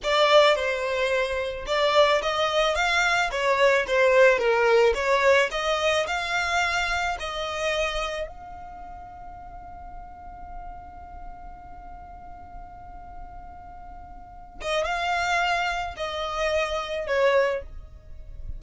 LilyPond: \new Staff \with { instrumentName = "violin" } { \time 4/4 \tempo 4 = 109 d''4 c''2 d''4 | dis''4 f''4 cis''4 c''4 | ais'4 cis''4 dis''4 f''4~ | f''4 dis''2 f''4~ |
f''1~ | f''1~ | f''2~ f''8 dis''8 f''4~ | f''4 dis''2 cis''4 | }